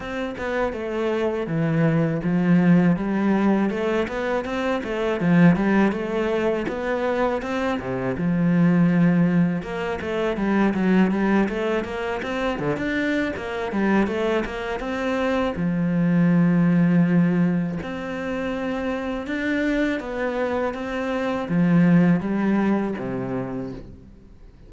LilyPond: \new Staff \with { instrumentName = "cello" } { \time 4/4 \tempo 4 = 81 c'8 b8 a4 e4 f4 | g4 a8 b8 c'8 a8 f8 g8 | a4 b4 c'8 c8 f4~ | f4 ais8 a8 g8 fis8 g8 a8 |
ais8 c'8 d16 d'8. ais8 g8 a8 ais8 | c'4 f2. | c'2 d'4 b4 | c'4 f4 g4 c4 | }